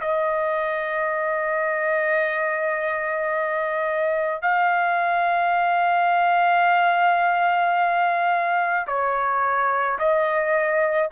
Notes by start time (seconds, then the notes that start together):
0.00 D#5
4.41 F5
8.87 C#5
9.98 D#5